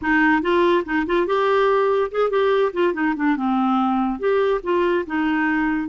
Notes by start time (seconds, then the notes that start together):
0.01 D#4
0.42 F4
0.85 D#4
1.06 F4
1.26 G4
2.11 G#4
2.30 G4
2.73 F4
2.93 D#4
3.15 D4
3.36 C4
4.19 G4
4.63 F4
5.06 D#4